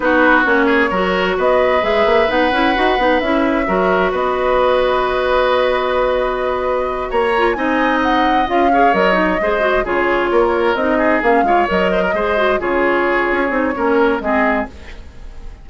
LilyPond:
<<
  \new Staff \with { instrumentName = "flute" } { \time 4/4 \tempo 4 = 131 b'4 cis''2 dis''4 | e''4 fis''2 e''4~ | e''4 dis''2.~ | dis''2.~ dis''8 ais''8~ |
ais''8 gis''4 fis''4 f''4 dis''8~ | dis''4. cis''2 dis''8~ | dis''8 f''4 dis''2 cis''8~ | cis''2. dis''4 | }
  \new Staff \with { instrumentName = "oboe" } { \time 4/4 fis'4. gis'8 ais'4 b'4~ | b'1 | ais'4 b'2.~ | b'2.~ b'8 cis''8~ |
cis''8 dis''2~ dis''8 cis''4~ | cis''8 c''4 gis'4 ais'4. | gis'4 cis''4 c''16 ais'16 c''4 gis'8~ | gis'2 ais'4 gis'4 | }
  \new Staff \with { instrumentName = "clarinet" } { \time 4/4 dis'4 cis'4 fis'2 | gis'4 dis'8 e'8 fis'8 dis'8 e'4 | fis'1~ | fis'1 |
f'8 dis'2 f'8 gis'8 ais'8 | dis'8 gis'8 fis'8 f'2 dis'8~ | dis'8 cis'8 f'8 ais'4 gis'8 fis'8 f'8~ | f'4. dis'8 cis'4 c'4 | }
  \new Staff \with { instrumentName = "bassoon" } { \time 4/4 b4 ais4 fis4 b4 | gis8 ais8 b8 cis'8 dis'8 b8 cis'4 | fis4 b2.~ | b2.~ b8 ais8~ |
ais8 c'2 cis'4 fis8~ | fis8 gis4 cis4 ais4 c'8~ | c'8 ais8 gis8 fis4 gis4 cis8~ | cis4 cis'8 c'8 ais4 gis4 | }
>>